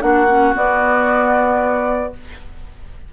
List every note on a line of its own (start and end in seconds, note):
0.00 0.54 A#3
0.00 0.26 D4
0.00 2.13 F#4
0.00 0.54 F#5
0.30 0.54 C#4
0.54 2.10 B3
0.54 2.13 B3
0.54 2.13 D5